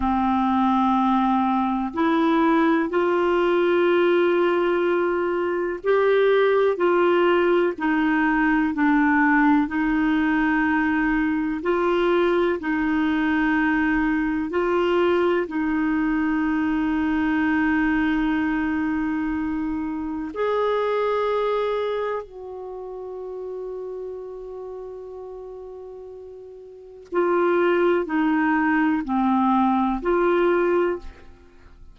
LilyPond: \new Staff \with { instrumentName = "clarinet" } { \time 4/4 \tempo 4 = 62 c'2 e'4 f'4~ | f'2 g'4 f'4 | dis'4 d'4 dis'2 | f'4 dis'2 f'4 |
dis'1~ | dis'4 gis'2 fis'4~ | fis'1 | f'4 dis'4 c'4 f'4 | }